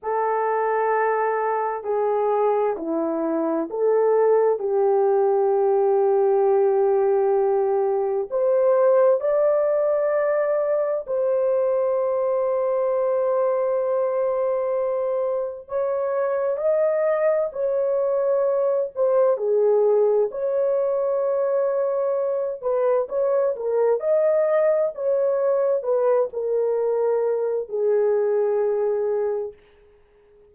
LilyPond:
\new Staff \with { instrumentName = "horn" } { \time 4/4 \tempo 4 = 65 a'2 gis'4 e'4 | a'4 g'2.~ | g'4 c''4 d''2 | c''1~ |
c''4 cis''4 dis''4 cis''4~ | cis''8 c''8 gis'4 cis''2~ | cis''8 b'8 cis''8 ais'8 dis''4 cis''4 | b'8 ais'4. gis'2 | }